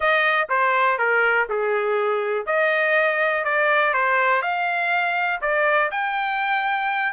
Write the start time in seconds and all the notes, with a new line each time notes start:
0.00 D#5
0.49 C5
0.98 A#4
1.49 G#4
2.46 D#5
3.44 D5
3.93 C5
4.42 F5
5.41 D5
5.91 G5